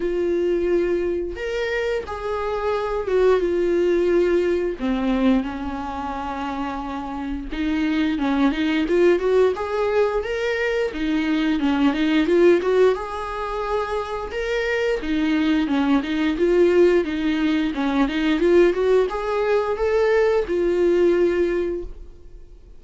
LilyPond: \new Staff \with { instrumentName = "viola" } { \time 4/4 \tempo 4 = 88 f'2 ais'4 gis'4~ | gis'8 fis'8 f'2 c'4 | cis'2. dis'4 | cis'8 dis'8 f'8 fis'8 gis'4 ais'4 |
dis'4 cis'8 dis'8 f'8 fis'8 gis'4~ | gis'4 ais'4 dis'4 cis'8 dis'8 | f'4 dis'4 cis'8 dis'8 f'8 fis'8 | gis'4 a'4 f'2 | }